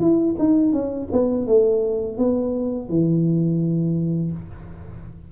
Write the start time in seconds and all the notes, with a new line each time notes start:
0.00 E4
0.38 D#4
0.72 C#4
1.12 B3
1.47 A3
2.18 B3
2.89 E3